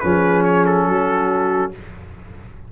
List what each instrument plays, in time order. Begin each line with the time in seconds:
0.00 tuba F3, trombone C#4, horn G#4, trumpet B4
0.44 trumpet C#5
0.66 trumpet A4
0.86 tuba F#3, horn F#4